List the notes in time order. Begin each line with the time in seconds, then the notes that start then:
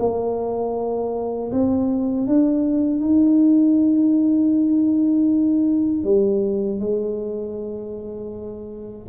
0.00 A#3
1.52 C4
2.28 D4
3.01 D#4
6.04 G3
6.80 G#3